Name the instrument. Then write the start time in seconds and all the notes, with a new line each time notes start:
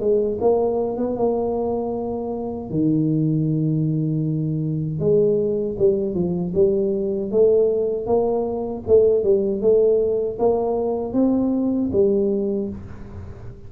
tuba
0.00 G#3
0.41 A#3
0.97 B3
1.16 A#3
2.70 D#3
5.00 G#3
5.78 G3
6.14 F3
6.55 G3
7.31 A3
8.06 A#3
8.87 A3
9.24 G3
9.61 A3
10.39 A#3
11.13 C4
11.92 G3